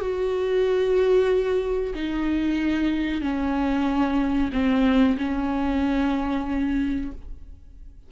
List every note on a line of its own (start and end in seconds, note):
0.00 1.94 F#4
1.94 3.21 D#4
3.21 4.50 C#4
4.52 5.17 C4
5.18 7.11 C#4